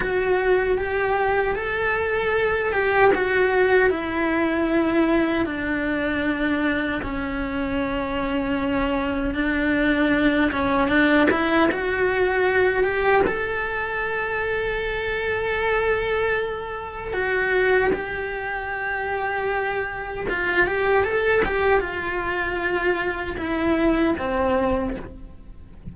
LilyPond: \new Staff \with { instrumentName = "cello" } { \time 4/4 \tempo 4 = 77 fis'4 g'4 a'4. g'8 | fis'4 e'2 d'4~ | d'4 cis'2. | d'4. cis'8 d'8 e'8 fis'4~ |
fis'8 g'8 a'2.~ | a'2 fis'4 g'4~ | g'2 f'8 g'8 a'8 g'8 | f'2 e'4 c'4 | }